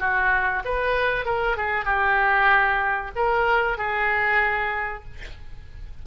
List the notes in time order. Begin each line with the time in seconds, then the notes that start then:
0.00 F#4
0.65 B4
1.25 A#4
1.57 G#4
1.85 G4
3.16 A#4
3.78 G#4